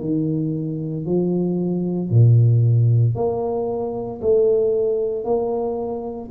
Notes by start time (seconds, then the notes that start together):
0.00 D#3
1.05 F3
2.10 A#2
3.15 A#3
4.21 A3
5.24 A#3